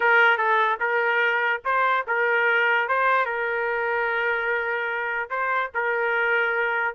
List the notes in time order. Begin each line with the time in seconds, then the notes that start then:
0.00 A#4
0.37 A4
0.79 A#4
1.64 C5
2.07 A#4
2.88 C5
3.25 A#4
5.29 C5
5.74 A#4